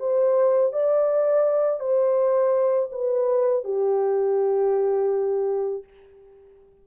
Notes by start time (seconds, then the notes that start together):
0.00 C5
0.73 D5
1.80 C5
2.92 B4
3.65 G4